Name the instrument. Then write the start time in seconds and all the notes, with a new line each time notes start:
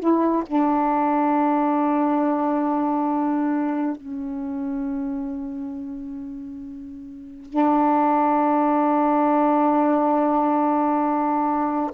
saxophone
0.00 E4
0.47 D4
3.97 C#4
7.50 D4